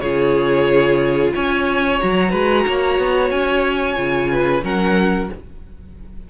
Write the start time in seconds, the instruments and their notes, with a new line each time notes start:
0.00 cello C#3, viola F4, violin G#4 C#5
1.35 cello C#4, violin C#5 G#5
2.00 cello F#3, viola F#4, violin A#5
2.31 cello G#3, violin B4
2.67 cello A#3, violin C#5
2.99 cello B3
3.31 cello C#4, violin G#5
3.96 cello C#3, viola F4
4.32 violin B4
4.63 cello F#3, viola C#4, violin A#4 F#5